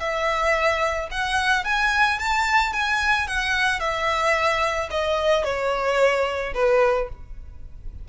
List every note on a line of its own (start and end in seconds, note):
0.00 1.09 E5
1.11 1.65 F#5
1.65 2.19 G#5
2.19 2.73 A5
2.73 3.28 G#5
3.28 3.80 F#5
3.80 4.89 E5
4.91 5.44 D#5
5.44 6.54 C#5
6.54 7.09 B4